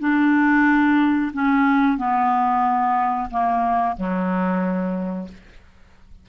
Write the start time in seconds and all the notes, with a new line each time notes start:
0.00 D4
1.34 C#4
1.98 B3
3.31 A#3
3.97 F#3